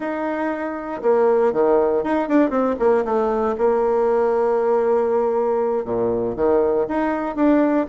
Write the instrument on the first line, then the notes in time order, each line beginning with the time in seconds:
bassoon
0.00 D#4
1.02 A#3
1.52 D#3
2.03 D#4
2.28 D4
2.50 C4
2.79 A#3
3.04 A3
3.58 A#3
5.85 A#2
6.36 D#3
6.88 D#4
7.35 D4